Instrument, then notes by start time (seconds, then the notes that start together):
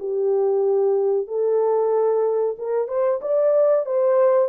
horn
0.00 G4
1.28 A4
2.59 A#4
2.88 C5
3.22 D5
3.86 C5